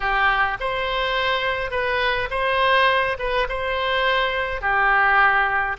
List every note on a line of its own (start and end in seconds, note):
0.00 0.57 G4
0.60 1.70 C5
1.70 2.28 B4
2.30 3.17 C5
3.18 3.47 B4
3.49 4.61 C5
4.61 5.76 G4